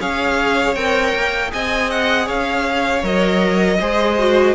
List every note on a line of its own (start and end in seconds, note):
0.00 0.75 C#4
0.00 0.76 G#4
0.00 1.52 C#5
0.00 0.75 F5
0.75 1.13 C4
0.75 1.49 A#4
0.75 1.51 G5
1.14 1.52 A#3
1.49 2.28 C4
1.49 3.01 G#4
1.49 2.25 D#5
1.49 1.91 G#5
1.91 2.28 F#5
2.25 3.03 C#4
2.25 3.77 C#5
2.25 3.04 F5
3.03 3.79 F#3
3.03 3.79 A#4
3.03 4.54 D#5
3.79 4.54 G#3
3.79 4.18 G#4
3.79 4.54 C5
4.19 4.54 F#4